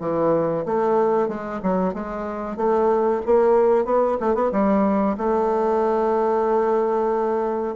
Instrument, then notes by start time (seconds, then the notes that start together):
bassoon
0.00 E3
0.65 A3
1.28 G#3
1.63 F#3
1.94 G#3
2.57 A3
3.26 A#3
3.85 B3
4.20 A3
4.35 B3
4.52 G3
5.17 A3